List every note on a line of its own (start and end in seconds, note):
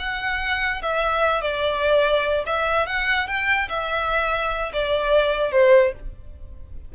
0.00 0.82 F#5
0.83 1.42 E5
1.42 2.45 D5
2.47 2.87 E5
2.87 3.28 F#5
3.28 3.69 G5
3.69 4.72 E5
4.74 5.52 D5
5.52 5.93 C5